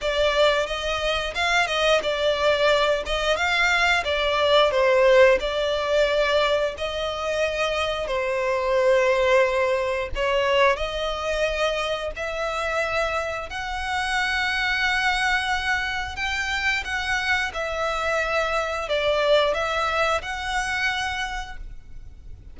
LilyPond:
\new Staff \with { instrumentName = "violin" } { \time 4/4 \tempo 4 = 89 d''4 dis''4 f''8 dis''8 d''4~ | d''8 dis''8 f''4 d''4 c''4 | d''2 dis''2 | c''2. cis''4 |
dis''2 e''2 | fis''1 | g''4 fis''4 e''2 | d''4 e''4 fis''2 | }